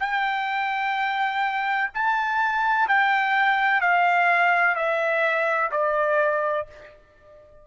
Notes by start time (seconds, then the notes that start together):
0.00 G5
1.94 A5
2.88 G5
3.81 F5
4.75 E5
5.71 D5